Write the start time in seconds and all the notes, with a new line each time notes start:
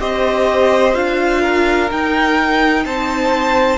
0.00 C4 G4 C5 D#5
0.94 D4 F4 F5
1.42 A#4
1.91 D#4 G5
2.85 C4 C5 A5